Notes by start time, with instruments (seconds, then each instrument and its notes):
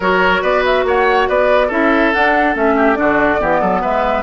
0.00 bassoon F#3, clarinet F#4, oboe A#4, flute C#5
0.41 bassoon B3, oboe B4, flute D5
0.65 flute E5
0.84 bassoon A#3, oboe C#5, flute F#5
1.28 bassoon B3, oboe B4, flute D5
1.67 bassoon C#4, clarinet E4, oboe A4, flute E5
2.13 clarinet D4, bassoon D4, flute F#5
2.54 bassoon A3, clarinet C#4, flute E5
2.76 oboe G4
2.95 bassoon D3, clarinet D4, oboe F#4, flute D5
3.40 bassoon E3, clarinet B3, oboe G4
3.60 bassoon F#3, oboe A4
3.81 bassoon G#3, oboe B4, flute E5